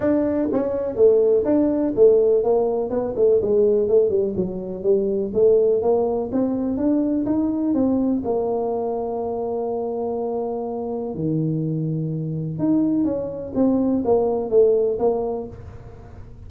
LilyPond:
\new Staff \with { instrumentName = "tuba" } { \time 4/4 \tempo 4 = 124 d'4 cis'4 a4 d'4 | a4 ais4 b8 a8 gis4 | a8 g8 fis4 g4 a4 | ais4 c'4 d'4 dis'4 |
c'4 ais2.~ | ais2. dis4~ | dis2 dis'4 cis'4 | c'4 ais4 a4 ais4 | }